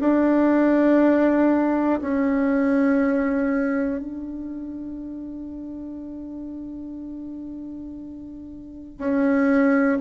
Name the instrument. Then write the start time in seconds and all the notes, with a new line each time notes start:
bassoon
0.00 D4
2.01 C#4
4.00 D4
8.98 C#4